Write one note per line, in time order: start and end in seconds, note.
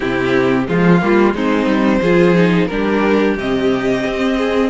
0.00 0.68 C3
0.00 0.66 C4
0.00 0.64 E4
0.00 0.67 G4
0.66 1.01 F3
0.66 0.99 G#3
0.66 1.35 F4
1.00 1.33 G3
1.00 1.34 A#3
1.33 1.66 G#3
1.33 2.02 C4
1.33 2.00 D#4
1.33 2.66 C5
1.66 2.00 G3
2.00 2.69 F3
2.00 2.34 F4
2.00 2.68 G#4
2.34 2.68 D#4
2.66 3.36 G3
2.66 3.37 D4
2.66 4.37 G4
2.66 3.34 A#4
3.36 4.03 C3
3.36 4.69 C4
3.36 4.69 D#5
4.06 4.69 C4
4.37 4.69 G#4